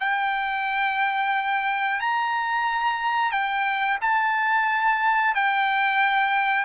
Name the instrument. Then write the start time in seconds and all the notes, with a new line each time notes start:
trumpet
0.00 G5
2.00 A#5
3.32 G5
4.02 A5
5.35 G5